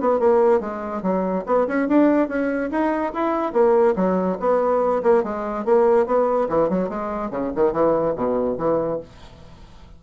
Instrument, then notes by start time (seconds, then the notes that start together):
bassoon
0.00 B3
0.19 A#3
0.60 G#3
1.02 F#3
1.46 B3
1.67 C#4
1.88 D4
2.28 C#4
2.71 D#4
3.13 E4
3.52 A#3
3.96 F#3
4.39 B3
5.03 A#3
5.23 G#3
5.65 A#3
6.06 B3
6.49 E3
6.69 F#3
6.89 G#3
7.30 C#3
7.55 D#3
7.72 E3
8.16 B2
8.57 E3